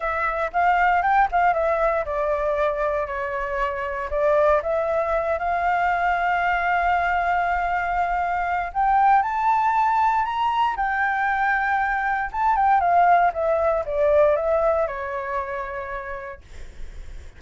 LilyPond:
\new Staff \with { instrumentName = "flute" } { \time 4/4 \tempo 4 = 117 e''4 f''4 g''8 f''8 e''4 | d''2 cis''2 | d''4 e''4. f''4.~ | f''1~ |
f''4 g''4 a''2 | ais''4 g''2. | a''8 g''8 f''4 e''4 d''4 | e''4 cis''2. | }